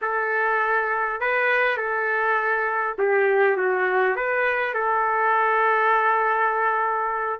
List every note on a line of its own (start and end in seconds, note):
0.01 1.20 A4
1.20 1.77 B4
1.77 2.95 A4
2.98 3.56 G4
3.56 4.16 F#4
4.16 4.74 B4
4.74 7.40 A4